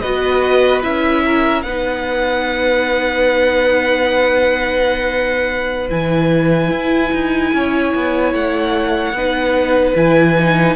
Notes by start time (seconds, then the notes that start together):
0.00 B3 F#4 B4 D#5
0.82 C#4 E4 E5
1.25 A#4
1.62 B3 D#4 B4 F#5
5.89 E3 E4 G#5
6.70 E4
7.12 D#4
7.53 C#4 C#5
7.94 B3
8.33 A3 F#5
9.12 B3 D#4 B4
9.95 E3 E4 G#5
10.38 D#4